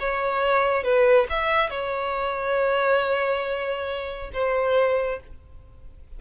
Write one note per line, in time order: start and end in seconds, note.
0.00 0.84 C#5
0.84 1.27 B4
1.30 1.70 E5
1.70 4.31 C#5
4.34 5.21 C5